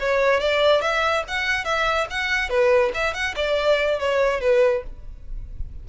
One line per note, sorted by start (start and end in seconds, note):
0.00 0.40 C#5
0.40 0.82 D5
0.82 1.24 E5
1.28 1.65 F#5
1.65 2.07 E5
2.10 2.50 F#5
2.50 2.92 B4
2.94 3.14 E5
3.14 3.35 F#5
3.36 3.99 D5
3.99 4.41 C#5
4.41 4.83 B4